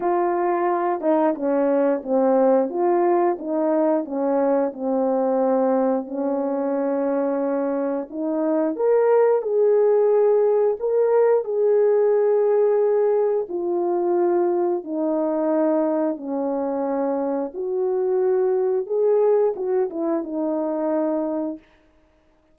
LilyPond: \new Staff \with { instrumentName = "horn" } { \time 4/4 \tempo 4 = 89 f'4. dis'8 cis'4 c'4 | f'4 dis'4 cis'4 c'4~ | c'4 cis'2. | dis'4 ais'4 gis'2 |
ais'4 gis'2. | f'2 dis'2 | cis'2 fis'2 | gis'4 fis'8 e'8 dis'2 | }